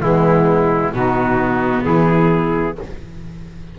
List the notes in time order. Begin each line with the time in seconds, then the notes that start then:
0.00 E3 G#3 B3 E4
0.93 B2 B3 D#4 F#4
1.83 E3 E4 G#4